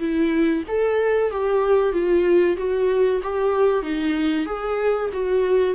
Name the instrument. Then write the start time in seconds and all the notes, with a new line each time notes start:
viola
0.00 E4
0.68 A4
1.31 G4
1.93 F4
2.57 F#4
3.23 G4
3.83 D#4
4.46 G#4
5.13 F#4